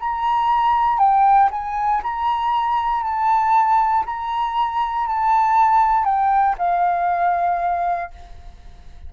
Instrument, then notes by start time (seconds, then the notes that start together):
flute
0.00 A#5
0.99 G5
1.51 G#5
2.03 A#5
3.03 A5
4.06 A#5
5.07 A5
6.05 G5
6.58 F5